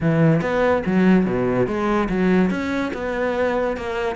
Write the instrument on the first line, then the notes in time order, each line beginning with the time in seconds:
cello
0.00 E3
0.41 B3
0.85 F#3
1.25 B2
1.66 G#3
2.09 F#3
2.50 C#4
2.93 B3
3.77 A#3